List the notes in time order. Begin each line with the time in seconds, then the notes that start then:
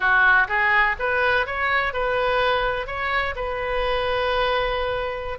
0.00 F#4
0.48 G#4
0.99 B4
1.46 C#5
1.93 B4
2.86 C#5
3.35 B4